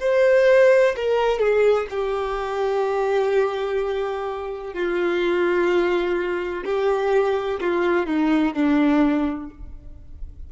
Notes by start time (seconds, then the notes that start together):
0.00 C5
0.97 A#4
1.39 G#4
1.90 G4
4.74 F4
6.65 G4
7.61 F4
8.07 D#4
8.55 D4